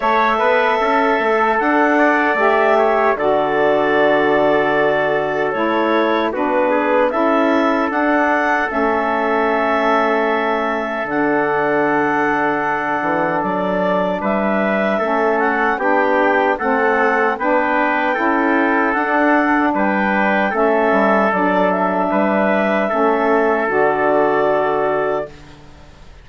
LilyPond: <<
  \new Staff \with { instrumentName = "clarinet" } { \time 4/4 \tempo 4 = 76 e''2 fis''4 e''4 | d''2. cis''4 | b'4 e''4 fis''4 e''4~ | e''2 fis''2~ |
fis''4 d''4 e''4. fis''8 | g''4 fis''4 g''2 | fis''4 g''4 e''4 d''8 e''8~ | e''2 d''2 | }
  \new Staff \with { instrumentName = "trumpet" } { \time 4/4 cis''8 b'8 a'4. d''4 cis''8 | a'1 | fis'8 gis'8 a'2.~ | a'1~ |
a'2 b'4 a'4 | g'4 a'4 b'4 a'4~ | a'4 b'4 a'2 | b'4 a'2. | }
  \new Staff \with { instrumentName = "saxophone" } { \time 4/4 a'2. g'4 | fis'2. e'4 | d'4 e'4 d'4 cis'4~ | cis'2 d'2~ |
d'2. cis'4 | d'4 c'4 d'4 e'4 | d'2 cis'4 d'4~ | d'4 cis'4 fis'2 | }
  \new Staff \with { instrumentName = "bassoon" } { \time 4/4 a8 b8 cis'8 a8 d'4 a4 | d2. a4 | b4 cis'4 d'4 a4~ | a2 d2~ |
d8 e8 fis4 g4 a4 | b4 a4 b4 cis'4 | d'4 g4 a8 g8 fis4 | g4 a4 d2 | }
>>